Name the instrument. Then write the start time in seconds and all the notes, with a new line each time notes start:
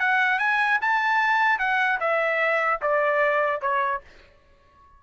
trumpet
0.00 F#5
0.39 G#5
0.81 A5
1.59 F#5
2.00 E5
2.82 D5
3.61 C#5